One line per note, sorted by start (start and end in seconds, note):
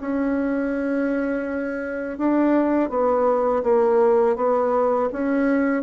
0.00 2.18 C#4
2.18 2.89 D4
2.89 3.63 B3
3.63 4.36 A#3
4.36 5.09 B3
5.12 5.83 C#4